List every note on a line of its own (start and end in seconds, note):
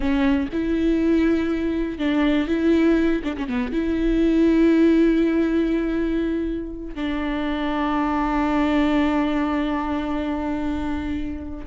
0.00 0.49 C#4
0.52 1.98 E4
1.98 2.47 D4
2.47 3.21 E4
3.24 3.36 D4
3.36 3.47 C#4
3.47 3.72 B3
3.72 6.94 E4
6.94 11.66 D4